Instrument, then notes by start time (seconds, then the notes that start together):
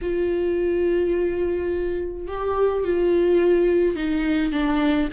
viola
0.01 F4
2.27 G4
2.84 F4
3.95 D#4
4.52 D4